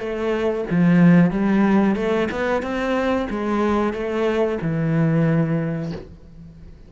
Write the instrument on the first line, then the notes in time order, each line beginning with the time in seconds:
cello
0.00 A3
0.71 F3
1.31 G3
1.96 A3
2.31 B3
2.63 C4
3.30 G#3
3.94 A3
4.62 E3